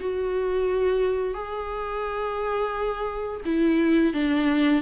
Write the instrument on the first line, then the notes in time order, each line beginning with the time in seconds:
viola
0.00 F#4
1.34 G#4
3.45 E4
4.14 D4